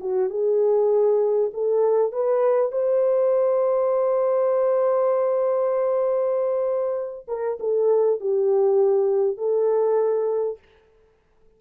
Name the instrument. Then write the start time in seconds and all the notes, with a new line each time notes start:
horn
0.00 F#4
0.30 G#4
1.53 A4
2.12 B4
2.72 C5
7.28 A#4
7.60 A4
8.20 G4
9.37 A4